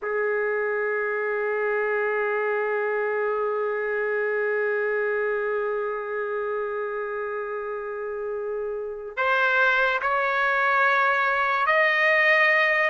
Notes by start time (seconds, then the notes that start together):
0.02 G#4
9.17 C5
10.01 C#5
11.66 D#5